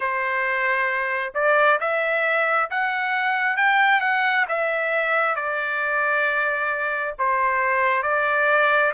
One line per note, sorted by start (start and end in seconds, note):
0.00 1.33 C5
1.34 1.79 D5
1.80 2.69 E5
2.70 3.57 F#5
3.57 4.01 G5
4.01 4.45 F#5
4.48 5.35 E5
5.35 7.14 D5
7.18 8.02 C5
8.02 8.92 D5